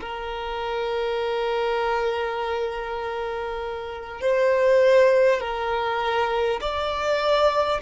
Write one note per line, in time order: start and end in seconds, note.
0.00 4.20 A#4
4.21 5.40 C5
5.40 6.60 A#4
6.61 7.81 D5